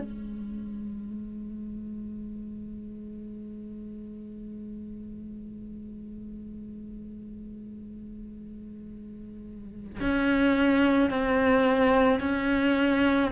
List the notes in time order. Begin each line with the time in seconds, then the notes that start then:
0.00 G#3
10.01 C#4
11.10 C4
12.20 C#4